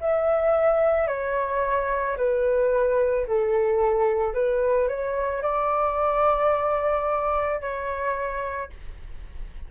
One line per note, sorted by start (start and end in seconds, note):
0.00 1.08 E5
1.08 2.17 C#5
2.17 3.26 B4
3.27 4.34 A4
4.34 4.88 B4
4.88 5.42 C#5
5.42 7.61 D5
7.61 8.70 C#5